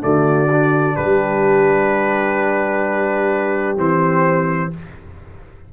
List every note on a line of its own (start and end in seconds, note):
0.00 0.98 D3
0.00 0.47 A3
0.00 0.96 F#4
0.00 0.96 D5
0.51 3.77 D4
0.96 3.77 G3
0.96 4.71 G4
0.96 3.77 B4
3.77 4.71 E3
3.77 4.71 C4
3.77 4.73 C5